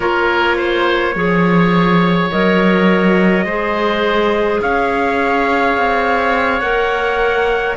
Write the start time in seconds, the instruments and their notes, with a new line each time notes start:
0.00 cello A#3, clarinet F4, oboe A#4, trumpet C#5
0.56 oboe C5
1.15 cello F3, clarinet G#4, oboe C#5
2.31 cello F#3, clarinet A#4, trumpet D#5
3.44 cello G#3, clarinet G#4, oboe C5
4.61 cello C#4, oboe C#5, trumpet F5
5.77 cello C4
6.60 cello A#3, clarinet A#4, trumpet F#5